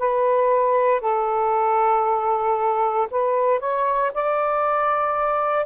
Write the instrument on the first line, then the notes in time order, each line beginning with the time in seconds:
saxophone
0.00 B4
1.01 A4
3.11 B4
3.60 C#5
4.14 D5